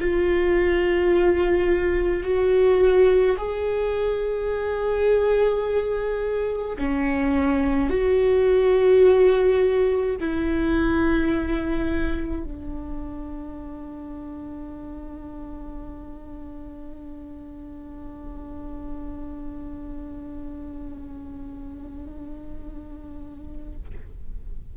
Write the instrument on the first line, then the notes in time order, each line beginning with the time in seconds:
viola
0.00 F4
2.23 F#4
3.37 G#4
6.78 C#4
7.89 F#4
10.20 E4
12.44 D4